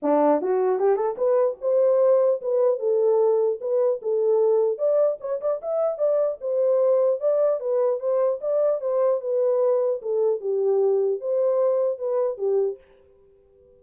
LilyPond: \new Staff \with { instrumentName = "horn" } { \time 4/4 \tempo 4 = 150 d'4 fis'4 g'8 a'8 b'4 | c''2 b'4 a'4~ | a'4 b'4 a'2 | d''4 cis''8 d''8 e''4 d''4 |
c''2 d''4 b'4 | c''4 d''4 c''4 b'4~ | b'4 a'4 g'2 | c''2 b'4 g'4 | }